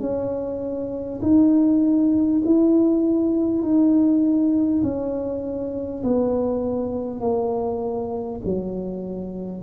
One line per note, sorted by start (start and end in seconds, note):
0.00 1.20 C#4
1.23 2.43 D#4
2.45 3.63 E4
3.63 4.83 D#4
4.83 6.03 C#4
6.03 7.21 B3
7.21 8.41 A#3
8.45 9.63 F#3